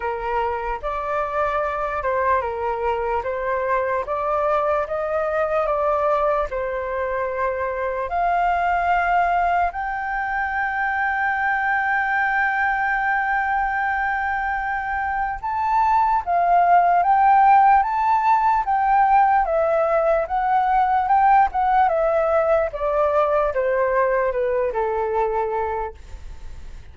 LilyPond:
\new Staff \with { instrumentName = "flute" } { \time 4/4 \tempo 4 = 74 ais'4 d''4. c''8 ais'4 | c''4 d''4 dis''4 d''4 | c''2 f''2 | g''1~ |
g''2. a''4 | f''4 g''4 a''4 g''4 | e''4 fis''4 g''8 fis''8 e''4 | d''4 c''4 b'8 a'4. | }